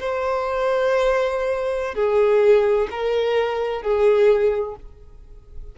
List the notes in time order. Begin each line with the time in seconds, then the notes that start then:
0.00 C5
1.95 G#4
2.90 A#4
3.82 G#4